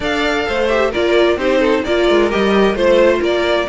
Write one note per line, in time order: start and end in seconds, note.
0.00 0.46 D4
0.00 0.69 A4
0.00 0.46 D5
0.00 0.68 F5
0.47 0.94 A3
0.47 0.90 C5
0.68 0.92 G4
0.68 0.91 E5
0.90 1.36 A#3
0.90 1.38 F4
0.90 1.37 A#4
0.90 1.38 D5
1.36 1.82 C4
1.36 1.84 D#4
1.36 1.59 G4
1.36 1.84 C5
1.59 1.82 A4
1.84 2.09 A#3
1.84 2.30 F4
1.84 2.77 A#4
1.84 2.30 D5
2.09 2.32 G#3
2.30 2.74 G3
2.30 2.75 G4
2.30 2.75 D#5
2.74 3.20 A3
2.74 3.68 F4
2.74 3.21 C5
3.21 3.67 A#3
3.21 3.67 A#4
3.21 3.69 D5